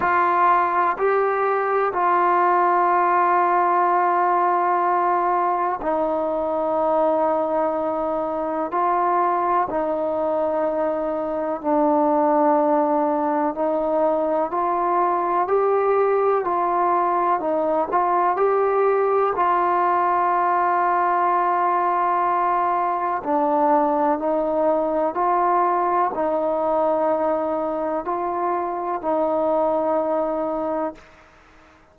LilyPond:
\new Staff \with { instrumentName = "trombone" } { \time 4/4 \tempo 4 = 62 f'4 g'4 f'2~ | f'2 dis'2~ | dis'4 f'4 dis'2 | d'2 dis'4 f'4 |
g'4 f'4 dis'8 f'8 g'4 | f'1 | d'4 dis'4 f'4 dis'4~ | dis'4 f'4 dis'2 | }